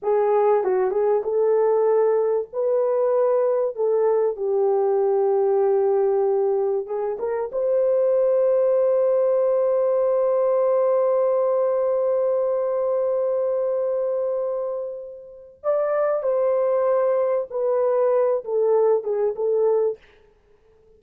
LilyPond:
\new Staff \with { instrumentName = "horn" } { \time 4/4 \tempo 4 = 96 gis'4 fis'8 gis'8 a'2 | b'2 a'4 g'4~ | g'2. gis'8 ais'8 | c''1~ |
c''1~ | c''1~ | c''4 d''4 c''2 | b'4. a'4 gis'8 a'4 | }